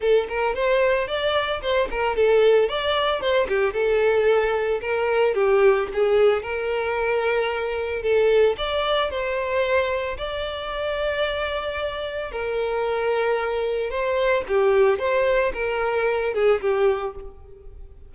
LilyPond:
\new Staff \with { instrumentName = "violin" } { \time 4/4 \tempo 4 = 112 a'8 ais'8 c''4 d''4 c''8 ais'8 | a'4 d''4 c''8 g'8 a'4~ | a'4 ais'4 g'4 gis'4 | ais'2. a'4 |
d''4 c''2 d''4~ | d''2. ais'4~ | ais'2 c''4 g'4 | c''4 ais'4. gis'8 g'4 | }